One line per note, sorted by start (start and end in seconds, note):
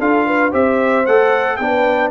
0.00 0.53 D4
0.00 0.52 F4
0.00 0.26 A4
0.00 0.53 F5
0.26 0.53 B4
0.52 1.07 C4
0.52 1.05 G4
0.52 1.59 C5
0.52 1.07 E5
1.07 1.60 A3
1.07 1.61 A4
1.07 1.57 F#5
1.57 2.11 B3
1.57 2.11 D4
1.57 2.11 B4
1.57 2.10 G5